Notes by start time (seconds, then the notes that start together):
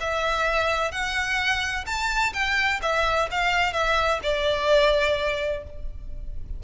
0.00 E5
0.91 F#5
1.86 A5
2.33 G5
2.82 E5
3.30 F5
3.73 E5
4.23 D5